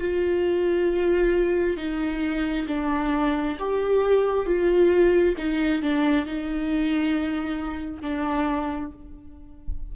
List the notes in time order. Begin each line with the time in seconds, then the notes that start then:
0.00 F4
1.77 D#4
2.67 D4
3.59 G4
4.46 F4
5.37 D#4
5.82 D4
6.26 D#4
8.02 D4